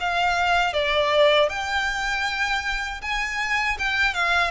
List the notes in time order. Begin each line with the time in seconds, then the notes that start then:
0.00 F5
0.73 D5
1.49 G5
3.01 G#5
3.79 G5
4.14 F5